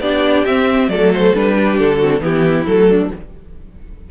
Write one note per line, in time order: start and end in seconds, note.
0.00 0.44 B3
0.00 0.46 D4
0.00 0.91 G4
0.00 0.45 D5
0.45 0.88 C4
0.45 0.90 C4
0.45 0.89 E5
0.88 1.32 F#3
0.88 1.34 A3
0.88 1.55 A4
0.88 1.11 D5
1.14 1.35 C5
1.34 1.80 G3
1.34 2.00 D4
1.34 1.78 B4
1.55 1.98 G4
1.78 2.20 D3
1.78 2.22 A4
1.98 2.20 C4
1.98 2.20 F#4
2.20 2.65 E3
2.20 2.65 B3
2.20 2.89 E4
2.20 2.66 G4
2.66 3.10 F#3
2.66 3.11 A3
2.66 3.10 A4
2.89 3.11 D4